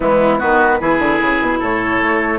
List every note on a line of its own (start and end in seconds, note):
0.00 0.41 E3
0.00 0.38 G#3
0.00 0.38 B3
0.00 0.40 E4
0.38 0.80 D#3
0.38 0.78 B3
0.38 0.78 F#4
0.38 1.60 B4
0.80 0.99 E3
0.80 2.39 E4
0.80 1.59 G#4
0.99 1.19 D3
1.21 1.41 C#3
1.41 1.60 B2
1.59 2.00 A2
1.59 2.39 A4
1.59 2.39 C#5
2.01 2.39 A3